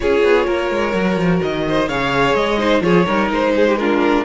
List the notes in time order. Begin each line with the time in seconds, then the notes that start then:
0.00 C#4 F4 G#4 C#5
0.23 B3
0.46 A#3 A#4
0.70 G#3
0.92 F#3 F#4
1.16 F3
1.42 D#3 D#5
1.68 C5
1.88 C#3 G#4 C#5 F5
2.34 G#3 D#5
2.58 D#4 C5
2.81 F3 F4 G#4 C#5
3.06 G3 D#4 A#4
3.30 G#3 C5
3.55 G#4
3.67 G4
3.77 D4 F4 A#4